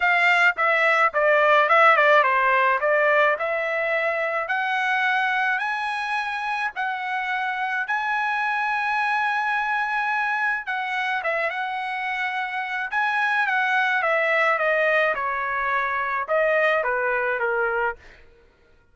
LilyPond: \new Staff \with { instrumentName = "trumpet" } { \time 4/4 \tempo 4 = 107 f''4 e''4 d''4 e''8 d''8 | c''4 d''4 e''2 | fis''2 gis''2 | fis''2 gis''2~ |
gis''2. fis''4 | e''8 fis''2~ fis''8 gis''4 | fis''4 e''4 dis''4 cis''4~ | cis''4 dis''4 b'4 ais'4 | }